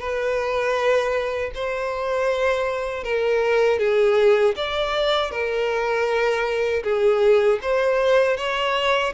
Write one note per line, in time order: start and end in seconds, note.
0.00 1.52 B4
1.55 3.04 C5
3.04 3.79 A#4
3.79 4.55 G#4
4.56 5.31 D5
5.31 6.83 A#4
6.84 7.59 G#4
7.62 8.37 C5
8.37 9.13 C#5